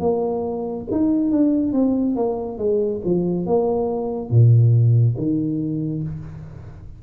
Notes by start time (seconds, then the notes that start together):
0.00 A#3
0.92 D#4
1.31 D4
1.73 C4
2.16 A#3
2.58 G#3
3.05 F3
3.46 A#3
4.30 A#2
5.17 D#3